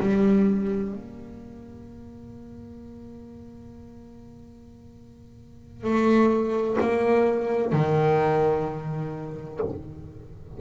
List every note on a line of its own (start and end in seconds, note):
0.00 0.93 G3
0.93 5.83 A#3
5.83 6.77 A3
6.81 7.73 A#3
7.73 9.60 D#3